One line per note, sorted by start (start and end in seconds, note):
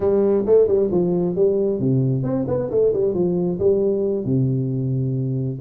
0.00 0.44 G3
0.46 0.67 A3
0.67 0.90 G3
0.91 1.35 F3
1.35 1.79 G3
1.79 2.23 C3
2.23 2.45 C4
2.47 2.69 B3
2.70 2.92 A3
2.93 3.13 G3
3.13 3.58 F3
3.59 4.25 G3
4.25 5.59 C3